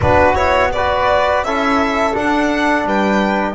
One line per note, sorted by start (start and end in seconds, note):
0.01 1.42 B3
0.01 0.35 D4
0.01 0.72 F#4
0.01 0.35 B4
0.35 0.70 E4
0.35 0.70 C#5
0.72 1.46 F#4
0.72 1.45 B4
0.72 1.44 D5
1.42 2.13 C#4
1.42 2.13 E4
1.42 2.86 A4
1.42 2.15 E5
2.13 3.54 D4
2.13 2.84 D4
2.13 2.87 F#5
2.84 3.54 G3
2.84 3.54 B4
2.84 3.54 G5